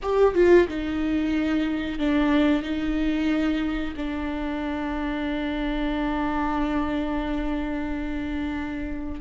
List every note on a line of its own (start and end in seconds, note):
0.02 0.34 G4
0.34 0.67 F4
0.67 1.98 D#4
1.98 2.62 D4
2.62 3.94 D#4
3.96 9.20 D4